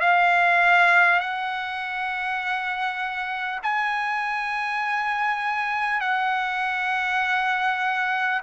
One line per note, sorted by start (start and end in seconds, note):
0.00 1.19 F5
1.19 3.59 F#5
3.63 6.00 G#5
6.00 8.40 F#5